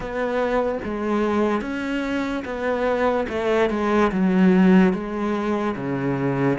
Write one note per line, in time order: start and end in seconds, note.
0.00 0.78 B3
0.84 1.61 G#3
1.61 2.43 C#4
2.44 3.27 B3
3.28 3.69 A3
3.69 4.11 G#3
4.11 4.93 F#3
4.93 5.75 G#3
5.76 6.58 C#3